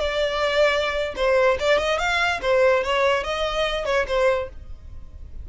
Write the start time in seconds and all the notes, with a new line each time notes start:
0.00 D5
1.16 C5
1.60 D5
1.79 D#5
1.99 F5
2.42 C5
2.84 C#5
3.24 D#5
3.85 C#5
4.08 C5